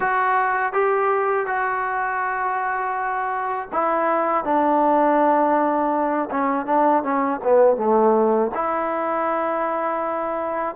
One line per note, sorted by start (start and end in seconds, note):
0.00 0.72 F#4
0.72 1.46 G4
1.46 3.68 F#4
3.72 4.44 E4
4.44 6.29 D4
6.30 6.66 C#4
6.66 7.03 D4
7.03 7.40 C#4
7.43 7.76 B3
7.76 8.51 A3
8.54 10.75 E4